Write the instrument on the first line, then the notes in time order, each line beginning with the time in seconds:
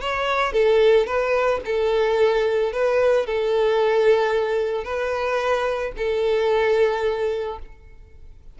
violin
0.00 C#5
0.52 A4
1.06 B4
1.65 A4
2.72 B4
3.26 A4
4.84 B4
5.97 A4